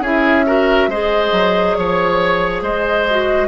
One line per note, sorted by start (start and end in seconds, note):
0.00 0.87 C#4
0.00 0.46 E4
0.00 0.45 G#4
0.00 0.91 E5
0.46 0.89 F#4
0.46 0.89 A#4
0.87 1.30 G#3
0.87 3.09 G#4
0.87 1.77 C5
0.87 1.75 D#5
1.32 1.75 F#3
1.75 2.62 F3
1.75 2.62 C#5
2.62 3.48 G#3
2.62 3.48 C5
2.62 3.48 D#5
3.10 3.48 F#4